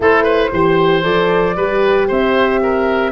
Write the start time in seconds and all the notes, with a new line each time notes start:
0.00 A3 E4 A4 C5
0.23 B4
0.52 E3 G4 C5
1.02 F3 A4 D5
1.56 G3 G4 B4
2.07 C4 C5 E5
2.62 A#4